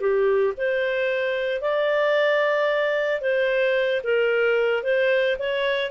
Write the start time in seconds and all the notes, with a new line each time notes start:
0.00 G4
0.57 C5
1.61 D5
3.21 C5
4.03 A#4
4.83 C5
5.38 C#5